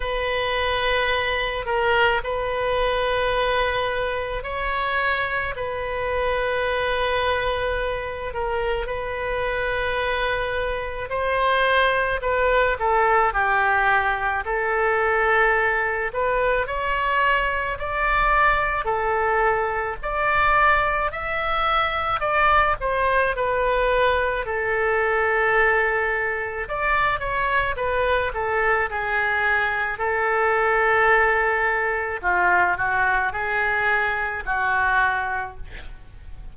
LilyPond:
\new Staff \with { instrumentName = "oboe" } { \time 4/4 \tempo 4 = 54 b'4. ais'8 b'2 | cis''4 b'2~ b'8 ais'8 | b'2 c''4 b'8 a'8 | g'4 a'4. b'8 cis''4 |
d''4 a'4 d''4 e''4 | d''8 c''8 b'4 a'2 | d''8 cis''8 b'8 a'8 gis'4 a'4~ | a'4 f'8 fis'8 gis'4 fis'4 | }